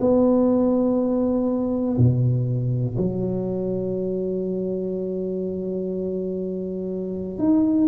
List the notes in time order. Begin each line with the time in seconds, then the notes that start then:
0.00 B3
1.97 B2
2.97 F#3
7.38 D#4